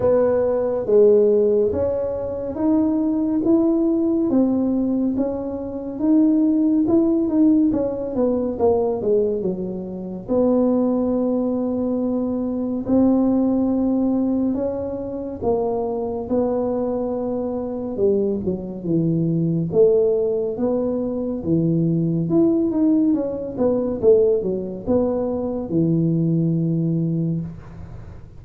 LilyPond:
\new Staff \with { instrumentName = "tuba" } { \time 4/4 \tempo 4 = 70 b4 gis4 cis'4 dis'4 | e'4 c'4 cis'4 dis'4 | e'8 dis'8 cis'8 b8 ais8 gis8 fis4 | b2. c'4~ |
c'4 cis'4 ais4 b4~ | b4 g8 fis8 e4 a4 | b4 e4 e'8 dis'8 cis'8 b8 | a8 fis8 b4 e2 | }